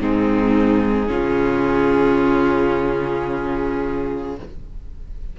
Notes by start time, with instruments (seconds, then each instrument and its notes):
0.00 cello G#2, viola C4, violin D#4 G#4
1.07 cello C#3, viola C#4, violin F4